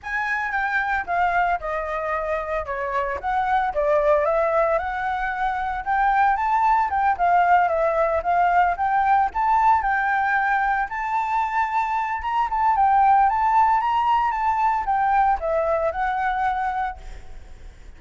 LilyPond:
\new Staff \with { instrumentName = "flute" } { \time 4/4 \tempo 4 = 113 gis''4 g''4 f''4 dis''4~ | dis''4 cis''4 fis''4 d''4 | e''4 fis''2 g''4 | a''4 g''8 f''4 e''4 f''8~ |
f''8 g''4 a''4 g''4.~ | g''8 a''2~ a''8 ais''8 a''8 | g''4 a''4 ais''4 a''4 | g''4 e''4 fis''2 | }